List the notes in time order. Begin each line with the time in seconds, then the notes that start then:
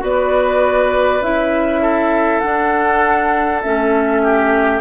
0.00 B3 F#4 B4 D5
1.21 C#4 E4 E5
1.82 A4
2.40 D4 F#5
3.62 A3 C#4 E5
4.23 G4